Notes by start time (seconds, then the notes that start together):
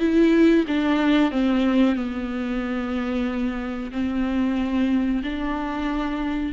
0.00 E4
0.68 D4
1.32 C4
1.96 B3
3.92 C4
5.24 D4